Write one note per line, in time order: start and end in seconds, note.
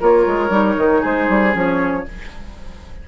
0.00 0.26 A#3
0.00 0.50 F4
0.00 1.01 A#4
0.00 1.05 C#5
0.26 0.49 G#3
0.49 0.75 G3
0.49 1.52 D#4
0.77 1.03 D#3
1.01 1.29 G#3
1.01 2.04 G#4
1.01 1.56 C5
1.29 1.54 G3
1.52 2.06 F3
1.52 2.03 C#4
1.52 2.08 C#5